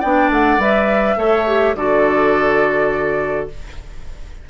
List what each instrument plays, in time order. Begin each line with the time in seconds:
0.00 bassoon B3, clarinet D4, oboe D5, flute G5
0.30 bassoon A3, flute F#5
0.58 bassoon G3, clarinet B4, flute E5
1.17 bassoon A3, clarinet A4, oboe C#5
1.47 clarinet G4
1.75 bassoon D3, clarinet F#4, oboe A4, flute D5